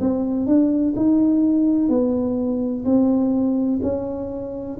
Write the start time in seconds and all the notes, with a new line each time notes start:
0.00 C4
0.46 D4
0.96 D#4
1.89 B3
2.84 C4
3.82 C#4